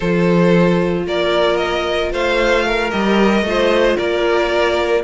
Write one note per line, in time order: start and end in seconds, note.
0.00 1.06 F3
0.00 2.90 F4
0.00 1.03 A4
0.00 1.06 C5
1.06 2.12 A#3
1.06 2.12 A#4
1.06 1.56 D5
1.56 2.09 D#5
2.12 2.92 A3
2.12 2.65 C5
2.12 2.90 F5
2.65 3.45 A#4
2.90 3.42 G3
2.90 3.43 G4
2.90 3.96 D#5
3.42 3.95 A3
3.42 5.03 F4
3.49 3.97 C5
3.97 5.03 A#3
3.97 5.03 A#4
3.97 5.03 D5